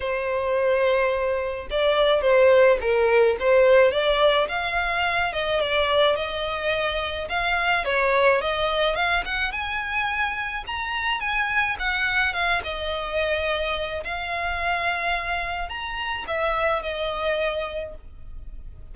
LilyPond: \new Staff \with { instrumentName = "violin" } { \time 4/4 \tempo 4 = 107 c''2. d''4 | c''4 ais'4 c''4 d''4 | f''4. dis''8 d''4 dis''4~ | dis''4 f''4 cis''4 dis''4 |
f''8 fis''8 gis''2 ais''4 | gis''4 fis''4 f''8 dis''4.~ | dis''4 f''2. | ais''4 e''4 dis''2 | }